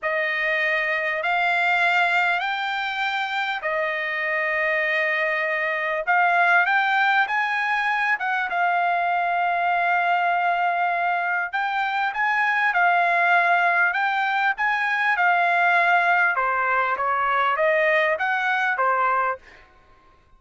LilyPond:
\new Staff \with { instrumentName = "trumpet" } { \time 4/4 \tempo 4 = 99 dis''2 f''2 | g''2 dis''2~ | dis''2 f''4 g''4 | gis''4. fis''8 f''2~ |
f''2. g''4 | gis''4 f''2 g''4 | gis''4 f''2 c''4 | cis''4 dis''4 fis''4 c''4 | }